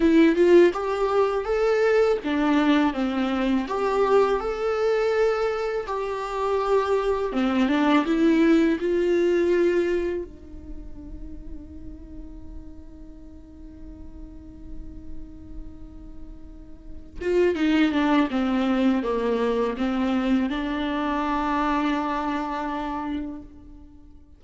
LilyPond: \new Staff \with { instrumentName = "viola" } { \time 4/4 \tempo 4 = 82 e'8 f'8 g'4 a'4 d'4 | c'4 g'4 a'2 | g'2 c'8 d'8 e'4 | f'2 dis'2~ |
dis'1~ | dis'2.~ dis'8 f'8 | dis'8 d'8 c'4 ais4 c'4 | d'1 | }